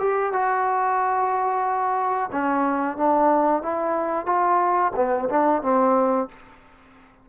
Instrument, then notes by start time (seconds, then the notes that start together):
trombone
0.00 G4
0.33 F#4
2.32 C#4
2.97 D4
3.63 E4
4.26 F4
4.96 B3
5.30 D4
5.63 C4